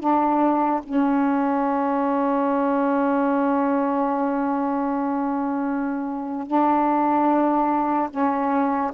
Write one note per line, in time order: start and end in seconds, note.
0.00 0.81 D4
0.83 6.47 C#4
6.47 8.09 D4
8.10 8.91 C#4